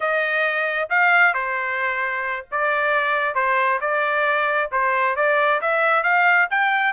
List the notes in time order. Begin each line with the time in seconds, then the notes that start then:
0.00 D#5
0.89 F5
1.34 C5
2.51 D5
3.34 C5
3.80 D5
4.71 C5
5.16 D5
5.61 E5
6.03 F5
6.50 G5